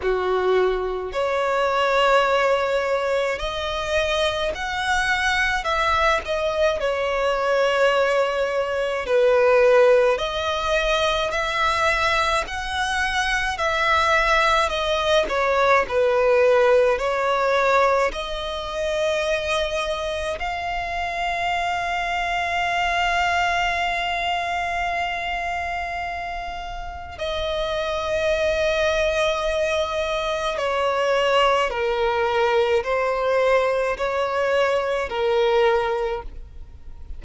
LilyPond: \new Staff \with { instrumentName = "violin" } { \time 4/4 \tempo 4 = 53 fis'4 cis''2 dis''4 | fis''4 e''8 dis''8 cis''2 | b'4 dis''4 e''4 fis''4 | e''4 dis''8 cis''8 b'4 cis''4 |
dis''2 f''2~ | f''1 | dis''2. cis''4 | ais'4 c''4 cis''4 ais'4 | }